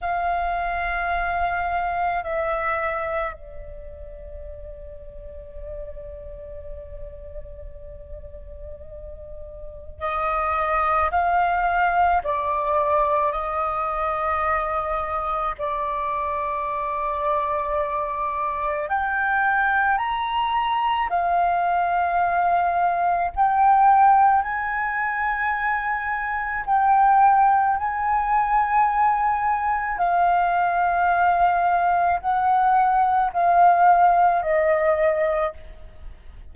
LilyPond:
\new Staff \with { instrumentName = "flute" } { \time 4/4 \tempo 4 = 54 f''2 e''4 d''4~ | d''1~ | d''4 dis''4 f''4 d''4 | dis''2 d''2~ |
d''4 g''4 ais''4 f''4~ | f''4 g''4 gis''2 | g''4 gis''2 f''4~ | f''4 fis''4 f''4 dis''4 | }